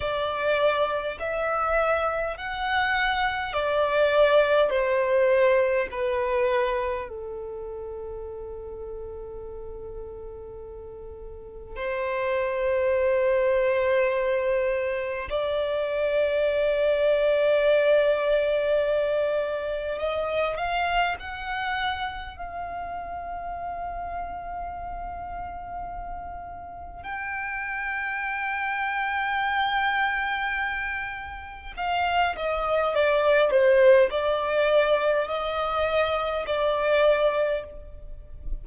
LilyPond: \new Staff \with { instrumentName = "violin" } { \time 4/4 \tempo 4 = 51 d''4 e''4 fis''4 d''4 | c''4 b'4 a'2~ | a'2 c''2~ | c''4 d''2.~ |
d''4 dis''8 f''8 fis''4 f''4~ | f''2. g''4~ | g''2. f''8 dis''8 | d''8 c''8 d''4 dis''4 d''4 | }